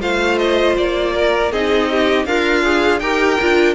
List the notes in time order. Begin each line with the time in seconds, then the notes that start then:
0.00 A3 F4 C5 F5
0.38 D#5
0.77 A#3 D5
1.14 A#4
1.52 C4 D#4 G#4 D#5
1.90 G4
2.25 D4 F4 A#4 F5
2.63 G#4
3.00 D#4 G4 A#4 G5
3.41 D4 F4